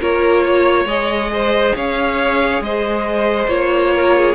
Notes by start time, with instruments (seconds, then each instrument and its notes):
0.00 cello A#3, viola F4, violin A#4 C#5
0.43 violin C#5
0.85 cello G#3, viola G#4, violin D#5
1.33 violin C5
1.75 cello C#4, violin C#5 F5
2.61 cello G#3, violin C5 D#5
3.48 cello A#3, viola F4, violin C#5
3.94 violin A#4
4.16 violin G#4